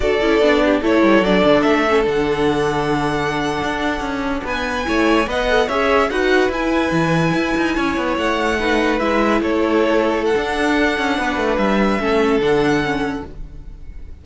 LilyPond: <<
  \new Staff \with { instrumentName = "violin" } { \time 4/4 \tempo 4 = 145 d''2 cis''4 d''4 | e''4 fis''2.~ | fis''2~ fis''8. gis''4~ gis''16~ | gis''8. fis''4 e''4 fis''4 gis''16~ |
gis''2.~ gis''8. fis''16~ | fis''4.~ fis''16 e''4 cis''4~ cis''16~ | cis''8. fis''2.~ fis''16 | e''2 fis''2 | }
  \new Staff \with { instrumentName = "violin" } { \time 4/4 a'4. g'8 a'2~ | a'1~ | a'2~ a'8. b'4 cis''16~ | cis''8. dis''4 cis''4 b'4~ b'16~ |
b'2~ b'8. cis''4~ cis''16~ | cis''8. b'2 a'4~ a'16~ | a'2. b'4~ | b'4 a'2. | }
  \new Staff \with { instrumentName = "viola" } { \time 4/4 fis'8 e'8 d'4 e'4 d'4~ | d'8 cis'8 d'2.~ | d'2.~ d'8. e'16~ | e'8. b'8 a'8 gis'4 fis'4 e'16~ |
e'1~ | e'8. dis'4 e'2~ e'16~ | e'4 d'2.~ | d'4 cis'4 d'4 cis'4 | }
  \new Staff \with { instrumentName = "cello" } { \time 4/4 d'8 cis'8 b4 a8 g8 fis8 d8 | a4 d2.~ | d8. d'4 cis'4 b4 a16~ | a8. b4 cis'4 dis'4 e'16~ |
e'8. e4 e'8 dis'8 cis'8 b8 a16~ | a4.~ a16 gis4 a4~ a16~ | a4 d'4. cis'8 b8 a8 | g4 a4 d2 | }
>>